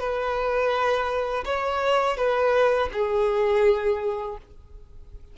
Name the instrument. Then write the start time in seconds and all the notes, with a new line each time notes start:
violin
0.00 B4
1.45 C#5
2.17 B4
2.93 G#4